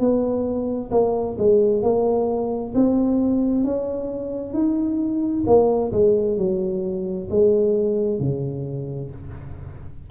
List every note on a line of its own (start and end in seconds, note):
0.00 0.91 B3
0.91 1.37 A#3
1.38 1.83 G#3
1.83 2.74 A#3
2.75 3.64 C4
3.64 4.54 C#4
4.54 5.45 D#4
5.47 5.92 A#3
5.93 6.38 G#3
6.38 7.29 F#3
7.31 8.20 G#3
8.20 9.11 C#3